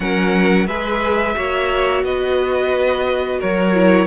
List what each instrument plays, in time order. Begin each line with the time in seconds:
0.00 cello F#3, viola C#4, violin A#4 F#5
0.66 cello G#3, viola G#4, violin B4 E5
1.35 cello A#3, viola F#4, violin C#5
2.03 cello B3, violin B4 D#5
3.39 cello F#3, violin A#4 C#5
3.73 viola E4